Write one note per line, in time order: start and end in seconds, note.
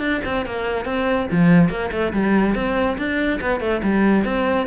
0.00 0.21 D4
0.25 0.46 C4
0.46 0.85 A#3
0.85 1.28 C4
1.31 1.70 F3
1.70 1.91 A#3
1.92 2.13 A3
2.13 2.55 G3
2.55 2.98 C4
2.98 3.40 D4
3.41 3.60 B3
3.60 3.82 A3
3.84 4.25 G3
4.25 4.67 C4